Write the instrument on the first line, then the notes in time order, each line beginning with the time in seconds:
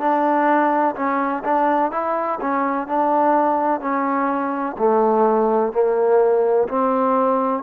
trombone
0.00 D4
0.96 C#4
1.45 D4
1.92 E4
2.41 C#4
2.88 D4
3.81 C#4
4.78 A3
5.73 A#3
6.69 C4